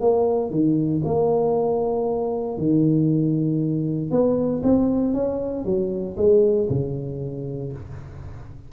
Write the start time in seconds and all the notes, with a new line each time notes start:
0.00 A#3
0.50 D#3
1.04 A#3
2.57 D#3
4.10 B3
4.63 C4
5.13 C#4
5.64 F#3
6.16 G#3
6.69 C#3